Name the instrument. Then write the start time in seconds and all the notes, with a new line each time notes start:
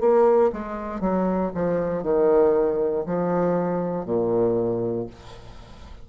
bassoon
0.00 A#3
0.52 G#3
1.00 F#3
1.54 F3
2.03 D#3
3.06 F3
4.05 A#2